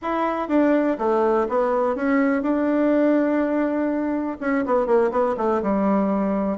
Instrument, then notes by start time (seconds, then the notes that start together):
bassoon
0.01 E4
0.48 D4
0.98 A3
1.49 B3
1.95 C#4
2.42 D4
4.40 C#4
4.65 B3
4.86 A#3
5.11 B3
5.37 A3
5.62 G3